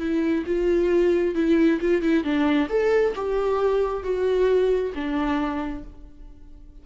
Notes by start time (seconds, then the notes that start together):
0.00 E4
0.47 F4
1.35 E4
1.81 F4
2.03 E4
2.24 D4
2.70 A4
3.16 G4
4.04 F#4
4.95 D4